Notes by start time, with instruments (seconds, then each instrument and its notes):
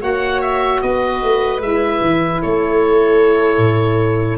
0.00 tuba A#3, saxophone F#4, viola C#5, oboe F#5
0.41 oboe E5
0.81 tuba B3, viola B4, oboe D#5
1.23 tuba A3
1.60 tuba G#3, saxophone E4, oboe E5
2.01 tuba E3
2.42 tuba A3, viola A4, oboe C#5
3.57 tuba A2